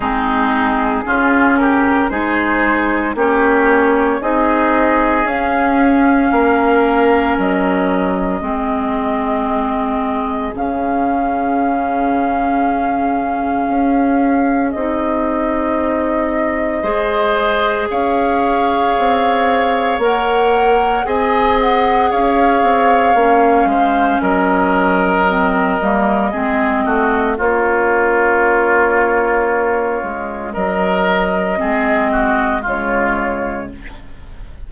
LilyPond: <<
  \new Staff \with { instrumentName = "flute" } { \time 4/4 \tempo 4 = 57 gis'4. ais'8 c''4 cis''4 | dis''4 f''2 dis''4~ | dis''2 f''2~ | f''2 dis''2~ |
dis''4 f''2 fis''4 | gis''8 fis''8 f''2 dis''4~ | dis''2 cis''2~ | cis''4 dis''2 cis''4 | }
  \new Staff \with { instrumentName = "oboe" } { \time 4/4 dis'4 f'8 g'8 gis'4 g'4 | gis'2 ais'2 | gis'1~ | gis'1 |
c''4 cis''2. | dis''4 cis''4. c''8 ais'4~ | ais'4 gis'8 fis'8 f'2~ | f'4 ais'4 gis'8 fis'8 f'4 | }
  \new Staff \with { instrumentName = "clarinet" } { \time 4/4 c'4 cis'4 dis'4 cis'4 | dis'4 cis'2. | c'2 cis'2~ | cis'2 dis'2 |
gis'2. ais'4 | gis'2 cis'2 | c'8 ais8 c'4 cis'2~ | cis'2 c'4 gis4 | }
  \new Staff \with { instrumentName = "bassoon" } { \time 4/4 gis4 cis4 gis4 ais4 | c'4 cis'4 ais4 fis4 | gis2 cis2~ | cis4 cis'4 c'2 |
gis4 cis'4 c'4 ais4 | c'4 cis'8 c'8 ais8 gis8 fis4~ | fis8 g8 gis8 a8 ais2~ | ais8 gis8 fis4 gis4 cis4 | }
>>